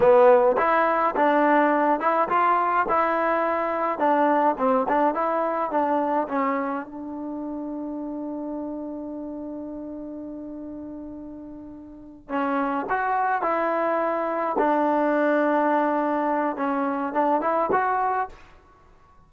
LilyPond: \new Staff \with { instrumentName = "trombone" } { \time 4/4 \tempo 4 = 105 b4 e'4 d'4. e'8 | f'4 e'2 d'4 | c'8 d'8 e'4 d'4 cis'4 | d'1~ |
d'1~ | d'4. cis'4 fis'4 e'8~ | e'4. d'2~ d'8~ | d'4 cis'4 d'8 e'8 fis'4 | }